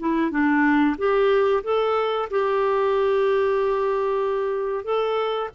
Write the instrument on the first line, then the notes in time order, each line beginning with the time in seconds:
clarinet
0.00 E4
0.31 D4
0.99 G4
1.64 A4
2.31 G4
4.85 A4